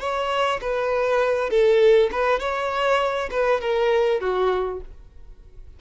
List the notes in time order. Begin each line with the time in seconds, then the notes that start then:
0.00 C#5
0.61 B4
1.50 A4
2.12 B4
2.40 C#5
3.31 B4
3.61 A#4
4.21 F#4